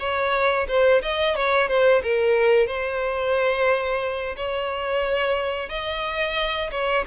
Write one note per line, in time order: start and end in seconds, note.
0.00 0.67 C#5
0.68 1.02 C5
1.02 1.36 D#5
1.36 1.69 C#5
1.69 2.02 C5
2.03 2.68 A#4
2.68 4.36 C5
4.37 5.70 C#5
5.70 6.71 D#5
6.72 7.05 C#5